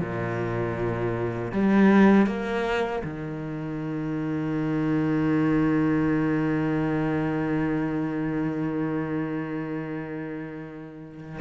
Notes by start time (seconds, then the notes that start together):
0.00 A#2
1.52 G3
2.26 A#3
3.03 D#3